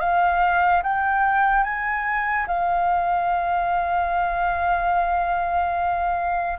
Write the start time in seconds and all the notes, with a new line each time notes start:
0.00 F5
0.83 G5
1.64 G#5
2.47 F5